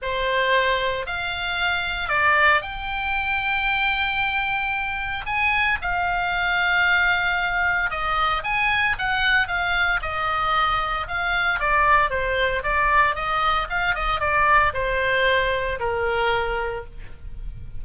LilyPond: \new Staff \with { instrumentName = "oboe" } { \time 4/4 \tempo 4 = 114 c''2 f''2 | d''4 g''2.~ | g''2 gis''4 f''4~ | f''2. dis''4 |
gis''4 fis''4 f''4 dis''4~ | dis''4 f''4 d''4 c''4 | d''4 dis''4 f''8 dis''8 d''4 | c''2 ais'2 | }